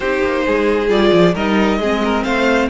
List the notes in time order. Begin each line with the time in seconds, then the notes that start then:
0.00 C4 D#4 G4 C5
0.24 A#3
0.46 G#3 G#4
0.88 G3 F4 D5
1.12 F3
1.33 G3 D#4 A#4 D#5
1.78 G#3 C4 G#4
2.04 A#4
2.23 A3 C5 F5